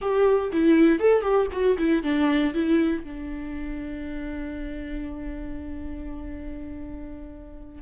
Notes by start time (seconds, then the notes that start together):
0.01 G4
0.52 E4
0.99 A4
1.21 G4
1.51 F#4
1.77 E4
2.03 D4
2.53 E4
3.03 D4